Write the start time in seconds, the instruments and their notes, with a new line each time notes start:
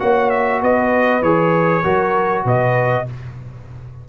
0.00 tuba A#3, trombone F#4, horn C#5, trumpet F#5
0.30 trumpet E5
0.62 tuba B3, horn B4, trumpet D#5
1.22 tuba E3, trombone G#4, trumpet C#5
1.84 tuba F#3, trombone F#4, horn A#4
2.45 tuba B2, horn B4, trumpet D#5